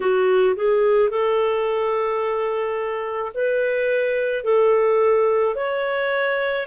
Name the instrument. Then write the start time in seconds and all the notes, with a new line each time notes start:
clarinet
0.00 F#4
0.55 G#4
1.09 A4
3.34 B4
4.43 A4
5.55 C#5